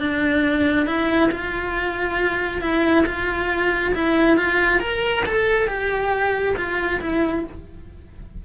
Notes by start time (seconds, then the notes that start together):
0.00 D4
0.87 E4
1.31 F4
2.61 E4
3.06 F4
3.95 E4
4.38 F4
4.80 A#4
5.26 A4
5.68 G4
6.57 F4
7.01 E4